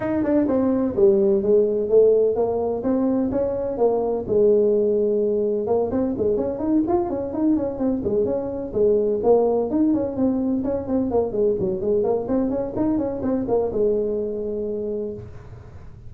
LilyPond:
\new Staff \with { instrumentName = "tuba" } { \time 4/4 \tempo 4 = 127 dis'8 d'8 c'4 g4 gis4 | a4 ais4 c'4 cis'4 | ais4 gis2. | ais8 c'8 gis8 cis'8 dis'8 f'8 cis'8 dis'8 |
cis'8 c'8 gis8 cis'4 gis4 ais8~ | ais8 dis'8 cis'8 c'4 cis'8 c'8 ais8 | gis8 fis8 gis8 ais8 c'8 cis'8 dis'8 cis'8 | c'8 ais8 gis2. | }